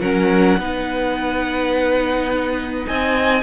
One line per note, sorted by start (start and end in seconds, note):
0.00 0.57 F#3
0.00 0.59 C#4
0.00 0.58 A#4
0.00 2.86 F#5
0.58 2.86 B3
0.58 3.42 D#4
0.58 2.88 B4
2.87 3.42 C4
2.87 3.42 D#5
2.87 3.42 G#5